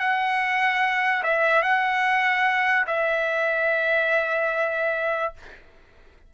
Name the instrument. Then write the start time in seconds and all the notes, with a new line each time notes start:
trumpet
0.00 F#5
1.23 E5
1.63 F#5
2.87 E5